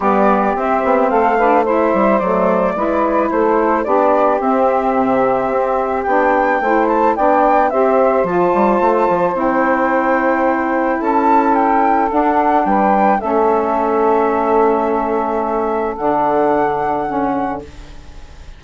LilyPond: <<
  \new Staff \with { instrumentName = "flute" } { \time 4/4 \tempo 4 = 109 d''4 e''4 f''4 e''4 | d''2 c''4 d''4 | e''2. g''4~ | g''8 a''8 g''4 e''4 a''4~ |
a''4 g''2. | a''4 g''4 fis''4 g''4 | e''1~ | e''4 fis''2. | }
  \new Staff \with { instrumentName = "saxophone" } { \time 4/4 g'2 a'8 b'8 c''4~ | c''4 b'4 a'4 g'4~ | g'1 | c''4 d''4 c''2~ |
c''1 | a'2. b'4 | a'1~ | a'1 | }
  \new Staff \with { instrumentName = "saxophone" } { \time 4/4 b4 c'4. d'8 e'4 | a4 e'2 d'4 | c'2. d'4 | e'4 d'4 g'4 f'4~ |
f'4 e'2.~ | e'2 d'2 | cis'1~ | cis'4 d'2 cis'4 | }
  \new Staff \with { instrumentName = "bassoon" } { \time 4/4 g4 c'8 b8 a4. g8 | fis4 gis4 a4 b4 | c'4 c4 c'4 b4 | a4 b4 c'4 f8 g8 |
a8 f8 c'2. | cis'2 d'4 g4 | a1~ | a4 d2. | }
>>